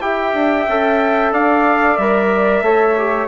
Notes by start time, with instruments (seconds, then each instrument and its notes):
0.00 bassoon E4, trombone G4, flute E5, trumpet G5
0.33 bassoon D4
0.68 bassoon C#4, trombone A4
1.33 bassoon D4, flute D5, trumpet F5
1.97 bassoon G3, trombone A#4, trumpet E5
2.62 bassoon A3, trombone A4, flute C#5
2.98 trombone G4